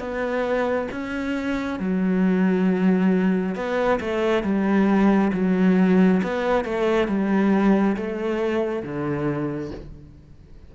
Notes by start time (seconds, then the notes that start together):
0.00 B3
0.92 C#4
1.80 F#3
3.56 B3
4.01 A3
4.44 G3
5.33 F#3
6.23 B3
6.65 A3
7.08 G3
7.97 A3
8.83 D3